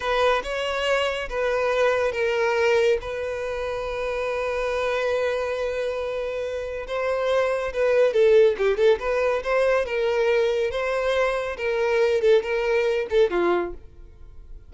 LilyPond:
\new Staff \with { instrumentName = "violin" } { \time 4/4 \tempo 4 = 140 b'4 cis''2 b'4~ | b'4 ais'2 b'4~ | b'1~ | b'1 |
c''2 b'4 a'4 | g'8 a'8 b'4 c''4 ais'4~ | ais'4 c''2 ais'4~ | ais'8 a'8 ais'4. a'8 f'4 | }